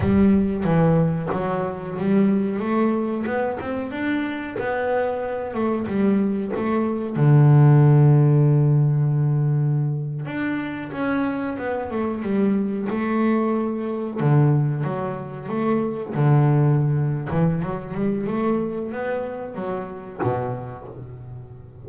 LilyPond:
\new Staff \with { instrumentName = "double bass" } { \time 4/4 \tempo 4 = 92 g4 e4 fis4 g4 | a4 b8 c'8 d'4 b4~ | b8 a8 g4 a4 d4~ | d2.~ d8. d'16~ |
d'8. cis'4 b8 a8 g4 a16~ | a4.~ a16 d4 fis4 a16~ | a8. d4.~ d16 e8 fis8 g8 | a4 b4 fis4 b,4 | }